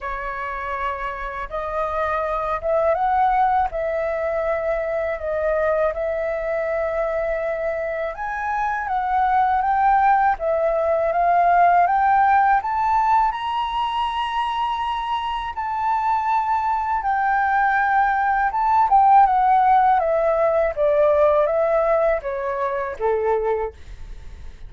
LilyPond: \new Staff \with { instrumentName = "flute" } { \time 4/4 \tempo 4 = 81 cis''2 dis''4. e''8 | fis''4 e''2 dis''4 | e''2. gis''4 | fis''4 g''4 e''4 f''4 |
g''4 a''4 ais''2~ | ais''4 a''2 g''4~ | g''4 a''8 g''8 fis''4 e''4 | d''4 e''4 cis''4 a'4 | }